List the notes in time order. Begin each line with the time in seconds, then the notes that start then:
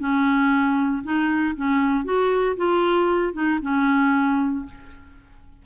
0.00 C#4
1.04 D#4
1.56 C#4
2.05 F#4
2.57 F4
3.34 D#4
3.63 C#4